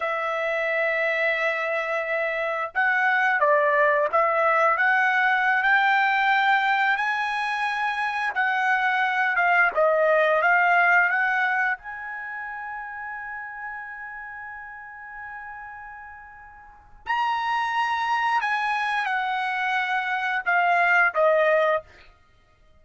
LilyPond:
\new Staff \with { instrumentName = "trumpet" } { \time 4/4 \tempo 4 = 88 e''1 | fis''4 d''4 e''4 fis''4~ | fis''16 g''2 gis''4.~ gis''16~ | gis''16 fis''4. f''8 dis''4 f''8.~ |
f''16 fis''4 gis''2~ gis''8.~ | gis''1~ | gis''4 ais''2 gis''4 | fis''2 f''4 dis''4 | }